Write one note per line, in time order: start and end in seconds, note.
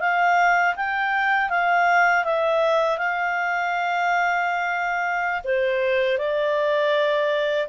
0.00 0.75 F5
0.76 1.50 G5
1.50 2.24 F5
2.24 2.98 E5
2.98 5.42 F5
5.44 6.18 C5
6.18 7.68 D5